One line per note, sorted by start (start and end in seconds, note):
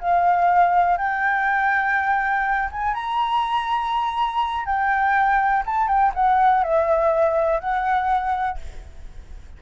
0.00 0.97 F5
0.97 2.70 G5
2.72 2.94 G#5
2.94 4.65 A#5
4.65 5.64 G5
5.66 5.88 A5
5.88 6.12 G5
6.14 6.63 F#5
6.63 7.60 E5
7.60 8.58 F#5